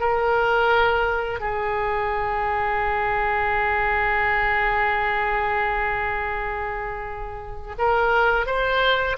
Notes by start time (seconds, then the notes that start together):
0.00 A#4
1.40 G#4
7.78 A#4
8.46 C5